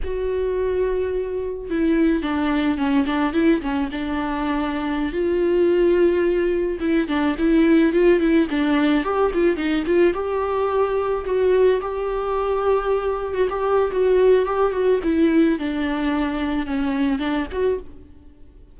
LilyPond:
\new Staff \with { instrumentName = "viola" } { \time 4/4 \tempo 4 = 108 fis'2. e'4 | d'4 cis'8 d'8 e'8 cis'8 d'4~ | d'4~ d'16 f'2~ f'8.~ | f'16 e'8 d'8 e'4 f'8 e'8 d'8.~ |
d'16 g'8 f'8 dis'8 f'8 g'4.~ g'16~ | g'16 fis'4 g'2~ g'8. | fis'16 g'8. fis'4 g'8 fis'8 e'4 | d'2 cis'4 d'8 fis'8 | }